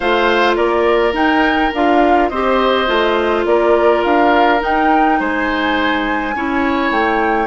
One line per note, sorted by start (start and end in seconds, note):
0.00 0.56 A3
0.00 1.13 F4
0.00 0.56 C5
0.00 0.54 F5
0.56 1.13 A#3
0.56 2.29 A#4
0.56 1.14 D5
1.13 1.71 D#4
1.13 1.73 G5
1.74 2.30 D4
1.74 2.32 F4
1.74 2.28 F5
2.28 2.88 C4
2.28 2.86 G4
2.28 3.45 C5
2.28 3.44 D#5
2.86 3.45 A3
2.86 4.59 F4
3.45 4.03 A#3
3.45 5.19 A#4
3.45 4.03 D5
4.03 4.62 D4
4.03 4.61 F5
4.60 6.33 D#4
4.60 5.20 D#4
4.60 5.20 G5
5.19 6.34 G#3
5.19 6.34 C5
5.19 6.91 G#5
6.34 6.91 C#4
6.34 7.46 E4
6.34 7.46 C#5
6.91 7.46 A3
6.91 7.46 G5